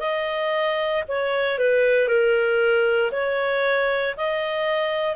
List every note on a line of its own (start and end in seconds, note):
0.00 1.03 D#5
1.08 1.58 C#5
1.58 2.08 B4
2.08 3.12 A#4
3.12 4.16 C#5
4.17 5.16 D#5